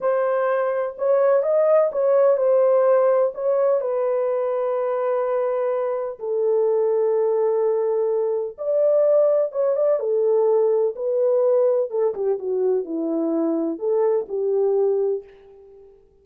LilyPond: \new Staff \with { instrumentName = "horn" } { \time 4/4 \tempo 4 = 126 c''2 cis''4 dis''4 | cis''4 c''2 cis''4 | b'1~ | b'4 a'2.~ |
a'2 d''2 | cis''8 d''8 a'2 b'4~ | b'4 a'8 g'8 fis'4 e'4~ | e'4 a'4 g'2 | }